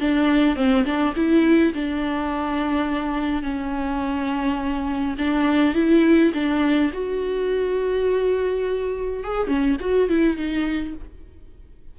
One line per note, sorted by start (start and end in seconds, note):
0.00 0.56 D4
0.56 0.84 C4
0.85 1.14 D4
1.15 1.73 E4
1.74 3.42 D4
3.42 5.16 C#4
5.18 5.74 D4
5.74 6.32 E4
6.34 6.91 D4
6.93 9.24 F#4
9.24 9.47 G#4
9.47 9.76 C#4
9.80 10.09 F#4
10.09 10.36 E4
10.36 10.94 D#4